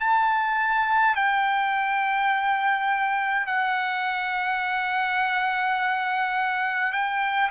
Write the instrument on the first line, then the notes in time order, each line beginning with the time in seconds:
trumpet
0.00 A5
1.15 G5
3.46 F#5
6.92 G5